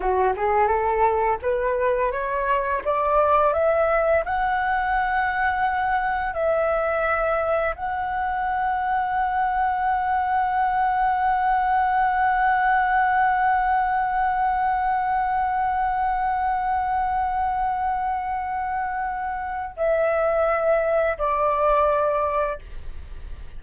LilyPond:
\new Staff \with { instrumentName = "flute" } { \time 4/4 \tempo 4 = 85 fis'8 gis'8 a'4 b'4 cis''4 | d''4 e''4 fis''2~ | fis''4 e''2 fis''4~ | fis''1~ |
fis''1~ | fis''1~ | fis''1 | e''2 d''2 | }